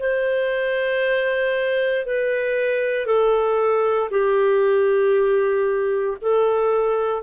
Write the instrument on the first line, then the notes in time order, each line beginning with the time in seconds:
clarinet
0.00 C5
2.05 B4
3.06 A4
4.11 G4
6.22 A4